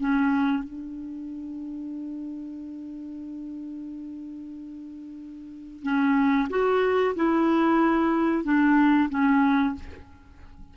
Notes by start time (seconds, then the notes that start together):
0.00 C#4
0.64 D4
5.83 C#4
6.50 F#4
7.16 E4
8.45 D4
9.10 C#4